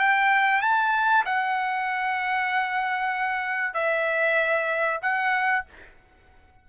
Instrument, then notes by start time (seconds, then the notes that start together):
trumpet
0.00 G5
0.62 A5
1.26 F#5
3.74 E5
5.02 F#5